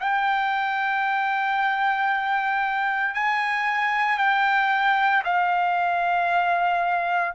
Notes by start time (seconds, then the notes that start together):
0.00 G5
3.14 G#5
4.18 G5
5.24 F5